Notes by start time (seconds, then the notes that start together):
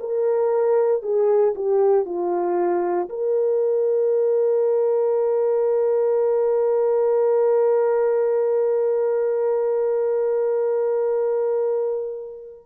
0.00 A#4
1.03 G#4
1.55 G4
2.05 F4
3.09 A#4